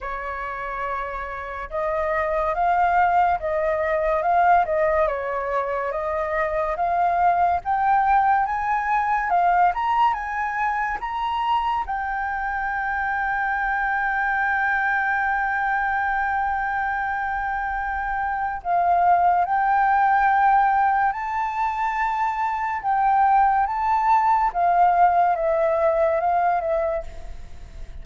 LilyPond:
\new Staff \with { instrumentName = "flute" } { \time 4/4 \tempo 4 = 71 cis''2 dis''4 f''4 | dis''4 f''8 dis''8 cis''4 dis''4 | f''4 g''4 gis''4 f''8 ais''8 | gis''4 ais''4 g''2~ |
g''1~ | g''2 f''4 g''4~ | g''4 a''2 g''4 | a''4 f''4 e''4 f''8 e''8 | }